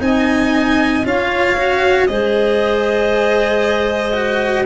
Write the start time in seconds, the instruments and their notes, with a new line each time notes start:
0.00 tuba C4, cello D#4, clarinet D#5, violin G#5
1.05 tuba C#4, cello F4, clarinet C#5, violin F5
1.58 cello F#4
2.07 tuba G#3, cello G#4, clarinet C5, violin D#5
4.13 cello F#4